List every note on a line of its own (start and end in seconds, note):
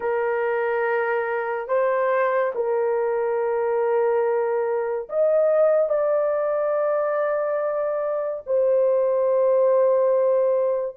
0.00 1.67 A#4
1.67 2.52 C5
2.55 5.08 A#4
5.09 5.89 D#5
5.89 8.42 D5
8.46 10.96 C5